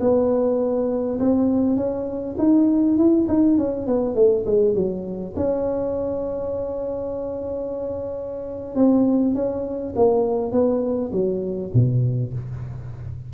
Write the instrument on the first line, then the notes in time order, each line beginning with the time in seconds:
tuba
0.00 B3
1.20 C4
1.77 C#4
2.38 D#4
2.97 E4
3.28 D#4
3.58 C#4
3.87 B3
4.15 A3
4.46 G#3
4.75 F#3
5.36 C#4
8.76 C4
9.35 C#4
9.96 A#3
10.52 B3
11.12 F#3
11.74 B2